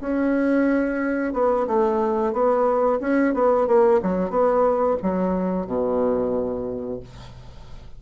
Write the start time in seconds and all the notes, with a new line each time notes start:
0.00 C#4
1.33 B3
1.67 A3
2.32 B3
3.00 C#4
3.34 B3
3.67 A#3
4.02 F#3
4.30 B3
5.02 F#3
5.66 B2